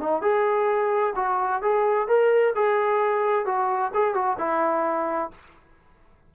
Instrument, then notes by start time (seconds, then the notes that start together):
trombone
0.00 D#4
0.21 G#4
1.16 F#4
1.62 G#4
2.08 A#4
2.55 G#4
3.45 F#4
3.94 G#4
4.14 F#4
4.38 E4